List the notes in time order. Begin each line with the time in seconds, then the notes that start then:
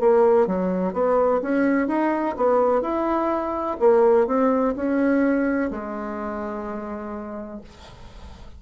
0.00 A#3
0.46 F#3
0.93 B3
1.42 C#4
1.87 D#4
2.36 B3
2.81 E4
3.79 A#3
4.26 C4
4.76 C#4
5.70 G#3